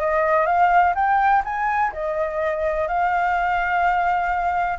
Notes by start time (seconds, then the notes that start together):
0.00 D#5
0.46 F5
0.95 G5
1.44 G#5
1.92 D#5
2.87 F5